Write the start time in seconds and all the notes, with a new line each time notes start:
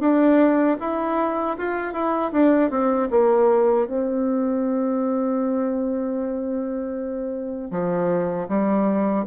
0.00 D4
0.80 E4
1.58 F4
1.93 E4
2.32 D4
2.70 C4
3.10 A#3
3.87 C4
7.71 F3
8.48 G3